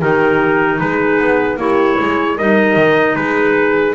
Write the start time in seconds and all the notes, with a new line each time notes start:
0.00 D#3 D#4 G4 A#4
0.79 G#3 G#4 B4
1.19 B3
1.57 A#3 E4 G4 C#5
2.00 G#3 G#4
2.37 G3 D#4 A#4 D#5
2.75 D#3
3.15 G#3 G#4 B4